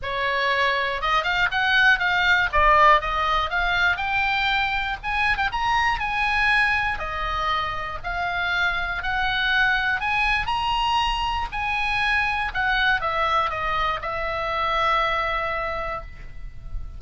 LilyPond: \new Staff \with { instrumentName = "oboe" } { \time 4/4 \tempo 4 = 120 cis''2 dis''8 f''8 fis''4 | f''4 d''4 dis''4 f''4 | g''2 gis''8. g''16 ais''4 | gis''2 dis''2 |
f''2 fis''2 | gis''4 ais''2 gis''4~ | gis''4 fis''4 e''4 dis''4 | e''1 | }